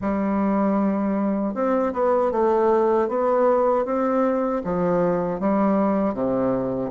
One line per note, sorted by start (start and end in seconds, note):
0.01 1.54 G3
1.54 1.92 C4
1.93 2.31 B3
2.31 3.08 A3
3.08 3.85 B3
3.85 4.62 C4
4.64 5.40 F3
5.40 6.14 G3
6.14 6.91 C3